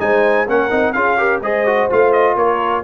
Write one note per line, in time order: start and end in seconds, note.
0.00 0.48 G#3
0.00 0.47 D#4
0.00 0.47 C5
0.00 0.48 G#5
0.47 0.71 A#3
0.47 0.71 C#4
0.47 0.95 A#4
0.47 0.93 F#5
0.71 0.95 C4
0.71 0.94 D#4
0.93 1.42 C#4
0.93 1.18 F4
0.93 1.19 G#4
0.93 1.40 F5
1.18 1.42 G4
1.18 1.42 A#4
1.42 1.89 G#3
1.42 1.67 G#4
1.42 2.37 C5
1.42 1.90 D#5
1.67 1.90 F#4
1.90 2.36 A3
1.90 2.84 F4
1.90 2.13 F5
2.13 2.36 D#5
2.36 2.83 A#3
2.36 2.84 A#4
2.36 2.84 C#5